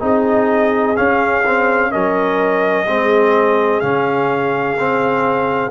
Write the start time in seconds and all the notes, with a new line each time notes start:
0.00 C4 D#4 G#4 D#5
0.97 C#4 F5
1.46 C4
1.91 F#3 C#4 A#4 D#5
2.87 G#3 C4 G#4
3.81 C#3 C#4 F5
4.80 C4